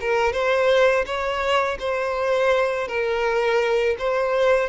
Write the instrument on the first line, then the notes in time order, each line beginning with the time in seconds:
violin
0.00 A#4
0.32 C5
1.05 C#5
1.79 C5
2.87 A#4
3.98 C5